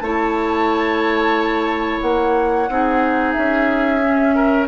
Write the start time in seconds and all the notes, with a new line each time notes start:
0.00 A3 E4 C#5 A5
2.00 A#3 F#5
2.68 C4 D#4 G#4
3.32 C#4 E5
4.01 C#4
4.35 A#4